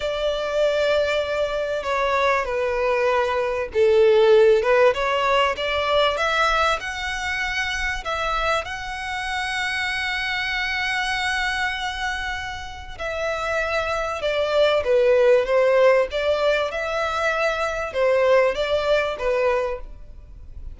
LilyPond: \new Staff \with { instrumentName = "violin" } { \time 4/4 \tempo 4 = 97 d''2. cis''4 | b'2 a'4. b'8 | cis''4 d''4 e''4 fis''4~ | fis''4 e''4 fis''2~ |
fis''1~ | fis''4 e''2 d''4 | b'4 c''4 d''4 e''4~ | e''4 c''4 d''4 b'4 | }